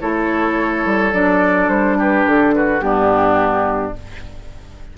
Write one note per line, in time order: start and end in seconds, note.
0.00 0.85 A3
0.00 1.12 E4
0.00 1.98 A4
0.00 1.13 C#5
0.85 1.12 G3
1.12 1.68 F#3
1.12 2.80 D4
1.12 1.69 D5
1.68 2.25 G3
1.68 1.97 C5
1.98 2.54 G4
1.98 2.28 B4
2.26 2.80 D3
2.26 2.55 A4
2.55 2.84 F#4
2.55 2.80 B4
2.80 3.93 G2
2.80 3.93 B3
2.80 3.97 D4
2.80 3.93 G4